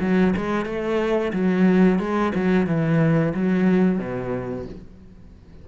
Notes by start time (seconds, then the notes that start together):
0.00 F#3
0.36 G#3
0.65 A3
1.33 F#3
1.98 G#3
2.35 F#3
2.66 E3
3.34 F#3
3.98 B2